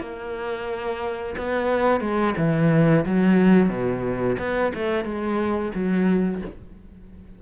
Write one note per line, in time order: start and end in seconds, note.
0.00 1.35 A#3
1.37 2.00 B3
2.00 2.34 G#3
2.37 3.05 E3
3.05 3.69 F#3
3.69 4.36 B2
4.39 4.72 B3
4.74 5.04 A3
5.04 5.72 G#3
5.74 6.42 F#3